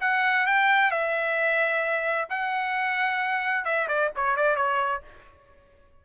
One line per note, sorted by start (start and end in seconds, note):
0.00 0.46 F#5
0.46 0.91 G5
0.91 2.28 E5
2.29 3.64 F#5
3.64 3.87 E5
3.87 4.10 D5
4.15 4.36 C#5
4.36 4.56 D5
4.56 5.02 C#5